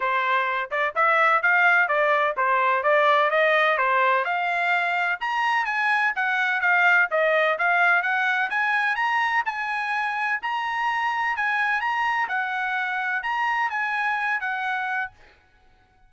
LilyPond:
\new Staff \with { instrumentName = "trumpet" } { \time 4/4 \tempo 4 = 127 c''4. d''8 e''4 f''4 | d''4 c''4 d''4 dis''4 | c''4 f''2 ais''4 | gis''4 fis''4 f''4 dis''4 |
f''4 fis''4 gis''4 ais''4 | gis''2 ais''2 | gis''4 ais''4 fis''2 | ais''4 gis''4. fis''4. | }